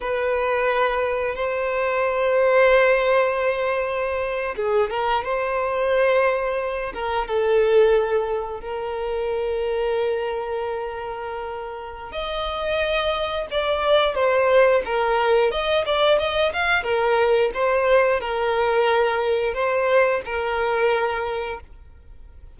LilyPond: \new Staff \with { instrumentName = "violin" } { \time 4/4 \tempo 4 = 89 b'2 c''2~ | c''2~ c''8. gis'8 ais'8 c''16~ | c''2~ c''16 ais'8 a'4~ a'16~ | a'8. ais'2.~ ais'16~ |
ais'2 dis''2 | d''4 c''4 ais'4 dis''8 d''8 | dis''8 f''8 ais'4 c''4 ais'4~ | ais'4 c''4 ais'2 | }